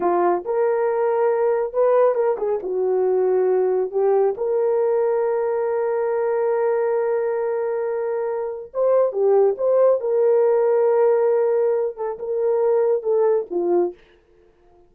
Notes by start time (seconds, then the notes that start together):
0.00 F4
0.44 A#4
1.73 B4
2.15 A#4
2.37 G#4
2.62 F#4
3.91 G4
4.37 A#4
8.73 C5
9.12 G4
9.57 C5
10.00 A#4
11.96 A4
12.18 A#4
13.02 A4
13.50 F4